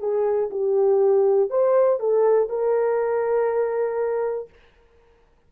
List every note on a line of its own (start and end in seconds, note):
0.00 0.50 G#4
0.50 1.50 G4
1.50 2.00 C5
2.00 2.50 A4
2.50 4.50 A#4